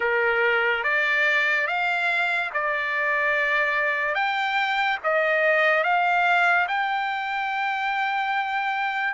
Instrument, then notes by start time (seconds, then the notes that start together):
trumpet
0.00 A#4
0.83 D5
1.67 F5
2.53 D5
4.14 G5
5.03 D#5
5.83 F5
6.68 G5